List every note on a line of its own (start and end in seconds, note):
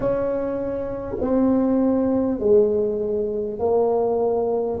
0.00 1.16 C#4
1.20 2.39 C4
2.39 3.59 G#3
3.59 4.79 A#3